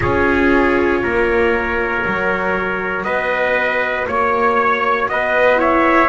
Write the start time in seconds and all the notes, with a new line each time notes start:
0.00 C#4 F4 G#4 C#5
1.03 A#3 A#4
2.02 F#3 F#4
3.03 B3 B4 D#5
4.07 A#3 C#5
5.08 B3 B4 D#5
5.57 E4 C#5 E5